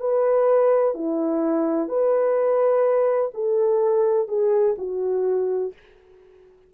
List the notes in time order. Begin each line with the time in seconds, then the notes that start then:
0.00 B4
0.94 E4
1.88 B4
3.34 A4
4.28 G#4
4.78 F#4